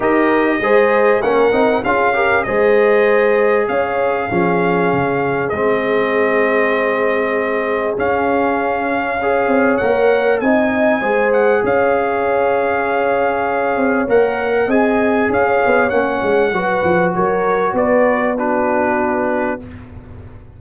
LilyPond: <<
  \new Staff \with { instrumentName = "trumpet" } { \time 4/4 \tempo 4 = 98 dis''2 fis''4 f''4 | dis''2 f''2~ | f''4 dis''2.~ | dis''4 f''2. |
fis''4 gis''4. fis''8 f''4~ | f''2. fis''4 | gis''4 f''4 fis''2 | cis''4 d''4 b'2 | }
  \new Staff \with { instrumentName = "horn" } { \time 4/4 ais'4 c''4 ais'4 gis'8 ais'8 | c''2 cis''4 gis'4~ | gis'1~ | gis'2. cis''4~ |
cis''4 dis''4 c''4 cis''4~ | cis''1 | dis''4 cis''2 b'4 | ais'4 b'4 fis'2 | }
  \new Staff \with { instrumentName = "trombone" } { \time 4/4 g'4 gis'4 cis'8 dis'8 f'8 g'8 | gis'2. cis'4~ | cis'4 c'2.~ | c'4 cis'2 gis'4 |
ais'4 dis'4 gis'2~ | gis'2. ais'4 | gis'2 cis'4 fis'4~ | fis'2 d'2 | }
  \new Staff \with { instrumentName = "tuba" } { \time 4/4 dis'4 gis4 ais8 c'8 cis'4 | gis2 cis'4 f4 | cis4 gis2.~ | gis4 cis'2~ cis'8 c'8 |
ais4 c'4 gis4 cis'4~ | cis'2~ cis'8 c'8 ais4 | c'4 cis'8 b8 ais8 gis8 fis8 f8 | fis4 b2. | }
>>